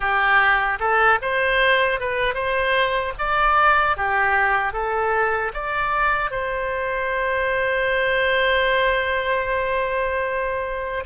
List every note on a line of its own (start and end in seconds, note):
0.00 0.78 G4
0.79 1.19 A4
1.21 2.00 C5
2.00 2.34 B4
2.34 3.13 C5
3.18 3.97 D5
3.97 4.73 G4
4.73 5.52 A4
5.53 6.31 D5
6.31 11.04 C5